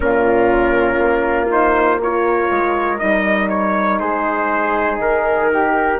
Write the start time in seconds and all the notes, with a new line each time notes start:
0.00 A#2 C#4 F4 A#4
0.97 A#3
1.50 D#4 C5
2.00 F4 A#4 C#5
2.50 G#3
2.98 G3 D#4 D#5
3.49 C#5
3.99 G#3 G#4 C5
4.99 D#3 A#4
5.53 G4